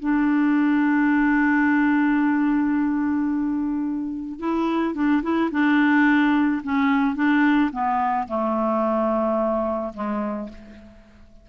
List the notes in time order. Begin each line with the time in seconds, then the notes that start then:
0.00 D4
4.40 E4
4.95 D4
5.23 E4
5.52 D4
6.64 C#4
7.16 D4
7.72 B3
8.28 A3
9.94 G#3